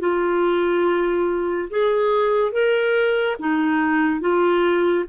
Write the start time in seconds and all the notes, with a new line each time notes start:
0.00 F4
1.70 G#4
2.52 A#4
3.40 D#4
4.21 F4